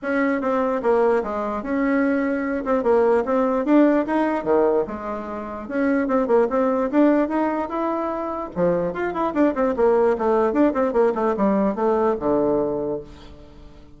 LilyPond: \new Staff \with { instrumentName = "bassoon" } { \time 4/4 \tempo 4 = 148 cis'4 c'4 ais4 gis4 | cis'2~ cis'8 c'8 ais4 | c'4 d'4 dis'4 dis4 | gis2 cis'4 c'8 ais8 |
c'4 d'4 dis'4 e'4~ | e'4 f4 f'8 e'8 d'8 c'8 | ais4 a4 d'8 c'8 ais8 a8 | g4 a4 d2 | }